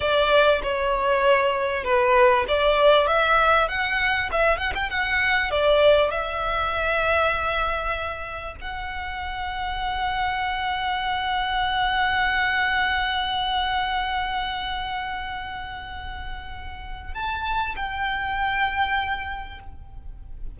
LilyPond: \new Staff \with { instrumentName = "violin" } { \time 4/4 \tempo 4 = 98 d''4 cis''2 b'4 | d''4 e''4 fis''4 e''8 fis''16 g''16 | fis''4 d''4 e''2~ | e''2 fis''2~ |
fis''1~ | fis''1~ | fis''1 | a''4 g''2. | }